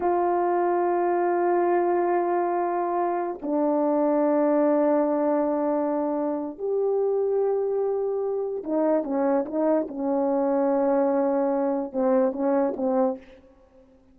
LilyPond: \new Staff \with { instrumentName = "horn" } { \time 4/4 \tempo 4 = 146 f'1~ | f'1~ | f'16 d'2.~ d'8.~ | d'1 |
g'1~ | g'4 dis'4 cis'4 dis'4 | cis'1~ | cis'4 c'4 cis'4 c'4 | }